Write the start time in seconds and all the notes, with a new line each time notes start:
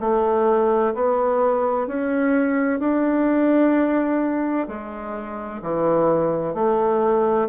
0.00 A3
0.94 B3
1.87 C#4
2.80 D4
4.68 G#3
5.62 E3
6.55 A3